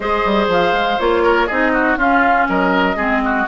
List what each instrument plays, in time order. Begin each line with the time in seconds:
0.00 bassoon G#3, clarinet G#4, oboe C5, flute D#5
0.25 bassoon G3
0.47 bassoon F3, flute F5
0.72 bassoon G#3
0.99 bassoon A#3, clarinet F4, flute C#5
1.23 oboe A#4
1.46 bassoon C4, clarinet D#4, oboe G#4, flute D#5
1.73 oboe F#4
1.96 bassoon C#4, clarinet C#4, oboe F4, flute F5
2.49 bassoon F#3, oboe A#4, flute D#5
2.96 bassoon G#3, clarinet C4, oboe G#4
3.24 oboe F#4